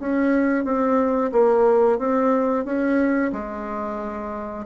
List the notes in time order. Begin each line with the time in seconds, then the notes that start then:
0.00 C#4
0.65 C4
1.32 A#3
1.99 C4
2.65 C#4
3.33 G#3